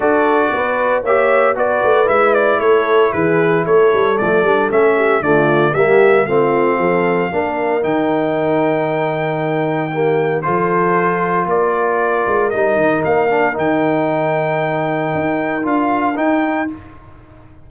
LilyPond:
<<
  \new Staff \with { instrumentName = "trumpet" } { \time 4/4 \tempo 4 = 115 d''2 e''4 d''4 | e''8 d''8 cis''4 b'4 cis''4 | d''4 e''4 d''4 e''4 | f''2. g''4~ |
g''1 | c''2 d''2 | dis''4 f''4 g''2~ | g''2 f''4 g''4 | }
  \new Staff \with { instrumentName = "horn" } { \time 4/4 a'4 b'4 cis''4 b'4~ | b'4 a'4 gis'4 a'4~ | a'4. g'8 f'4 g'4 | f'4 a'4 ais'2~ |
ais'2. g'4 | a'2 ais'2~ | ais'1~ | ais'1 | }
  \new Staff \with { instrumentName = "trombone" } { \time 4/4 fis'2 g'4 fis'4 | e'1 | a8 d'8 cis'4 a4 ais4 | c'2 d'4 dis'4~ |
dis'2. ais4 | f'1 | dis'4. d'8 dis'2~ | dis'2 f'4 dis'4 | }
  \new Staff \with { instrumentName = "tuba" } { \time 4/4 d'4 b4 ais4 b8 a8 | gis4 a4 e4 a8 g8 | f8 g8 a4 d4 g4 | a4 f4 ais4 dis4~ |
dis1 | f2 ais4. gis8 | g8 dis8 ais4 dis2~ | dis4 dis'4 d'4 dis'4 | }
>>